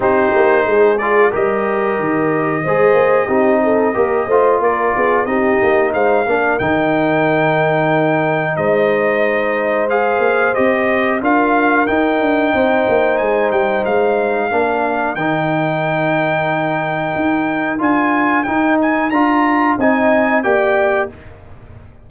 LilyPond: <<
  \new Staff \with { instrumentName = "trumpet" } { \time 4/4 \tempo 4 = 91 c''4. d''8 dis''2~ | dis''2. d''4 | dis''4 f''4 g''2~ | g''4 dis''2 f''4 |
dis''4 f''4 g''2 | gis''8 g''8 f''2 g''4~ | g''2. gis''4 | g''8 gis''8 ais''4 gis''4 g''4 | }
  \new Staff \with { instrumentName = "horn" } { \time 4/4 g'4 gis'4 ais'2 | c''4 g'8 a'8 ais'8 c''8 ais'8 gis'8 | g'4 c''8 ais'2~ ais'8~ | ais'4 c''2.~ |
c''4 ais'2 c''4~ | c''2 ais'2~ | ais'1~ | ais'2 dis''4 d''4 | }
  \new Staff \with { instrumentName = "trombone" } { \time 4/4 dis'4. f'8 g'2 | gis'4 dis'4 g'8 f'4. | dis'4. d'8 dis'2~ | dis'2. gis'4 |
g'4 f'4 dis'2~ | dis'2 d'4 dis'4~ | dis'2. f'4 | dis'4 f'4 dis'4 g'4 | }
  \new Staff \with { instrumentName = "tuba" } { \time 4/4 c'8 ais8 gis4 g4 dis4 | gis8 ais8 c'4 ais8 a8 ais8 b8 | c'8 ais8 gis8 ais8 dis2~ | dis4 gis2~ gis8 ais8 |
c'4 d'4 dis'8 d'8 c'8 ais8 | gis8 g8 gis4 ais4 dis4~ | dis2 dis'4 d'4 | dis'4 d'4 c'4 ais4 | }
>>